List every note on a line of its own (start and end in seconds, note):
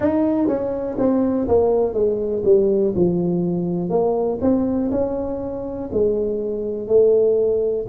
0.00 0.47 D#4
0.47 0.96 C#4
0.98 1.47 C4
1.48 1.93 A#3
1.93 2.42 G#3
2.44 2.93 G3
2.95 3.89 F3
3.89 4.38 A#3
4.41 4.90 C4
4.91 5.89 C#4
5.92 6.87 G#3
6.87 7.86 A3